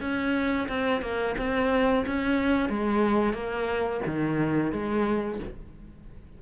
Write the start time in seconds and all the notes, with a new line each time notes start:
0.00 C#4
0.68 C4
1.01 A#3
1.38 C4
2.06 C#4
2.69 G#3
3.33 A#3
4.05 D#3
4.72 G#3